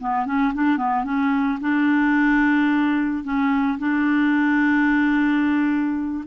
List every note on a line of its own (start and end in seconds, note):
0.00 0.26 B3
0.26 0.54 C#4
0.55 0.78 D4
0.78 1.05 B3
1.05 1.59 C#4
1.61 3.24 D4
3.24 3.79 C#4
3.79 6.24 D4